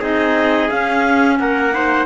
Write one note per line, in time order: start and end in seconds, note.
0.00 0.69 C4
0.00 0.69 D#4
0.00 1.36 G#4
0.00 0.70 D#5
0.70 1.73 C#4
0.70 1.39 C#4
0.70 1.38 F5
1.39 2.06 A#3
1.39 1.74 A#4
1.39 2.06 F#5
1.73 2.06 D#4
1.73 2.06 C5